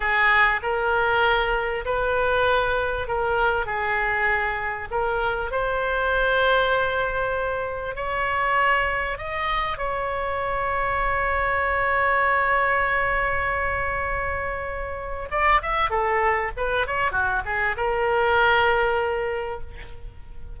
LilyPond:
\new Staff \with { instrumentName = "oboe" } { \time 4/4 \tempo 4 = 98 gis'4 ais'2 b'4~ | b'4 ais'4 gis'2 | ais'4 c''2.~ | c''4 cis''2 dis''4 |
cis''1~ | cis''1~ | cis''4 d''8 e''8 a'4 b'8 cis''8 | fis'8 gis'8 ais'2. | }